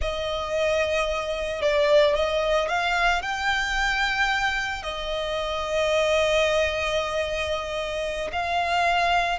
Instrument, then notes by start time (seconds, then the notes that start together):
violin
0.01 D#5
1.61 D5
2.15 D#5
2.68 F5
3.21 G5
4.82 D#5
8.32 F5